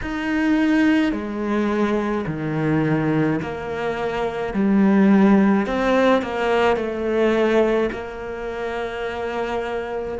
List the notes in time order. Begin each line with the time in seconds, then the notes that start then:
0.02 D#4
1.12 G#3
2.26 D#3
3.42 A#3
4.53 G3
5.66 C4
6.22 A#3
6.76 A3
7.92 A#3